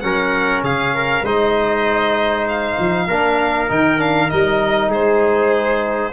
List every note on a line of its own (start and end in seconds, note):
0.00 0.62 F#3
0.00 1.24 C#4
0.00 0.64 A#4
0.00 0.61 F#5
0.62 1.22 C#3
0.62 0.94 G#4
0.62 1.25 F5
0.94 1.24 A#4
1.22 2.75 G#3
1.22 3.09 D#4
1.22 3.07 C5
1.22 2.47 D#5
2.48 3.70 F5
2.79 3.08 F3
3.07 3.69 A#3
3.07 3.68 D4
3.07 4.90 A#4
3.68 4.31 D#3
3.68 3.98 D#4
3.68 4.00 G5
3.98 4.28 D4
3.98 4.29 F5
4.28 4.87 G3
4.28 6.12 D#4
4.28 4.91 D#5
4.87 6.10 G#3
4.87 6.12 G#4
4.87 6.13 C5